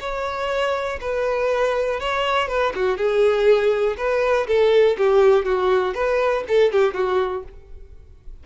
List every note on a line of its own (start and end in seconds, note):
0.00 0.99 C#5
1.01 2.00 B4
2.00 2.48 C#5
2.48 2.73 B4
2.75 2.97 F#4
2.97 3.96 G#4
3.97 4.46 B4
4.47 4.97 A4
4.97 5.45 G4
5.45 5.94 F#4
5.94 6.44 B4
6.48 6.72 A4
6.72 6.94 G4
6.94 7.43 F#4